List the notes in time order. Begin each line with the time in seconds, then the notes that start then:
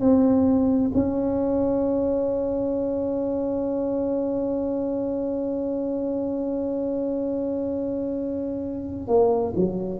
0.00 C4
0.94 C#4
9.07 A#3
9.55 F#3